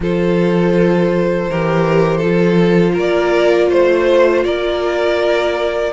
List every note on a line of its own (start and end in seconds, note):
0.00 1.48 F3
0.00 1.49 F4
0.00 1.50 A4
0.00 2.98 C5
1.49 2.23 E3
1.49 2.22 G4
1.49 2.17 A#4
2.17 5.92 F4
2.17 2.91 A4
2.23 2.97 F3
2.93 3.70 A#3
2.93 3.67 A#4
2.93 3.72 D5
3.69 4.44 A3
3.69 4.43 C5
3.69 4.44 C5
4.44 5.92 A#3
4.44 5.92 A#4
4.44 5.92 D5